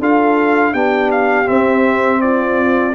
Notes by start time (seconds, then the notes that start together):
0.00 D4 F4 A4 F5
0.73 B3 D4 G4 G5
1.12 F5
1.46 C4 E5
2.22 F4 D5